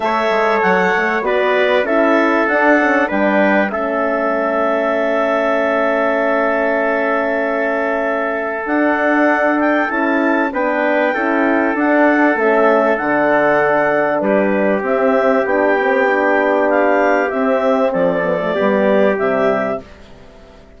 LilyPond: <<
  \new Staff \with { instrumentName = "clarinet" } { \time 4/4 \tempo 4 = 97 e''4 fis''4 d''4 e''4 | fis''4 g''4 e''2~ | e''1~ | e''2 fis''4. g''8 |
a''4 g''2 fis''4 | e''4 fis''2 b'4 | e''4 g''2 f''4 | e''4 d''2 e''4 | }
  \new Staff \with { instrumentName = "trumpet" } { \time 4/4 cis''2 b'4 a'4~ | a'4 b'4 a'2~ | a'1~ | a'1~ |
a'4 b'4 a'2~ | a'2. g'4~ | g'1~ | g'4 a'4 g'2 | }
  \new Staff \with { instrumentName = "horn" } { \time 4/4 a'2 fis'4 e'4 | d'8 cis'8 d'4 cis'2~ | cis'1~ | cis'2 d'2 |
e'4 d'4 e'4 d'4 | cis'4 d'2. | c'4 d'8 c'8 d'2 | c'4. b16 a16 b4 g4 | }
  \new Staff \with { instrumentName = "bassoon" } { \time 4/4 a8 gis8 fis8 a8 b4 cis'4 | d'4 g4 a2~ | a1~ | a2 d'2 |
cis'4 b4 cis'4 d'4 | a4 d2 g4 | c'4 b2. | c'4 f4 g4 c4 | }
>>